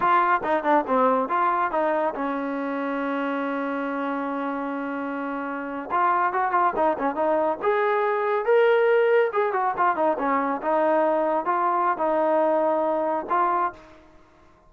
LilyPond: \new Staff \with { instrumentName = "trombone" } { \time 4/4 \tempo 4 = 140 f'4 dis'8 d'8 c'4 f'4 | dis'4 cis'2.~ | cis'1~ | cis'4.~ cis'16 f'4 fis'8 f'8 dis'16~ |
dis'16 cis'8 dis'4 gis'2 ais'16~ | ais'4.~ ais'16 gis'8 fis'8 f'8 dis'8 cis'16~ | cis'8. dis'2 f'4~ f'16 | dis'2. f'4 | }